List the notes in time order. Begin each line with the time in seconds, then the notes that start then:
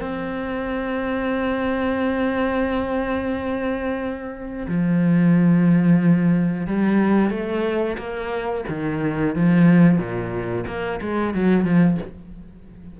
0.00 C4
4.68 F3
6.67 G3
7.30 A3
7.98 A#3
8.69 D#3
9.35 F3
9.98 A#2
10.67 A#3
11.01 G#3
11.34 F#3
11.65 F3